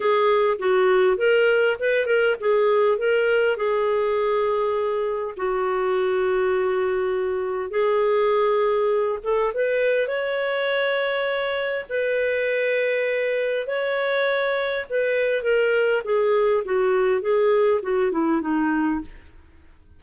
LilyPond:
\new Staff \with { instrumentName = "clarinet" } { \time 4/4 \tempo 4 = 101 gis'4 fis'4 ais'4 b'8 ais'8 | gis'4 ais'4 gis'2~ | gis'4 fis'2.~ | fis'4 gis'2~ gis'8 a'8 |
b'4 cis''2. | b'2. cis''4~ | cis''4 b'4 ais'4 gis'4 | fis'4 gis'4 fis'8 e'8 dis'4 | }